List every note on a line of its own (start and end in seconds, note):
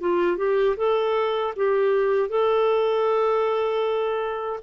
0.00 0.37 F4
0.37 0.76 G4
0.77 1.53 A4
1.56 2.29 G4
2.29 4.60 A4